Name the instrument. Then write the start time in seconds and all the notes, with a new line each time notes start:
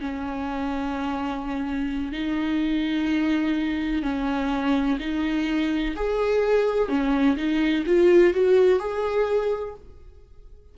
viola
0.00 C#4
2.13 D#4
4.03 C#4
5.00 D#4
5.96 G#4
6.89 C#4
7.37 D#4
7.87 F4
8.34 F#4
8.80 G#4